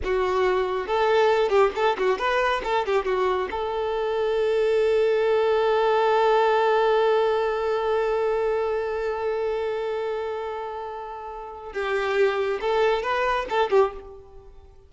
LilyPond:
\new Staff \with { instrumentName = "violin" } { \time 4/4 \tempo 4 = 138 fis'2 a'4. g'8 | a'8 fis'8 b'4 a'8 g'8 fis'4 | a'1~ | a'1~ |
a'1~ | a'1~ | a'2. g'4~ | g'4 a'4 b'4 a'8 g'8 | }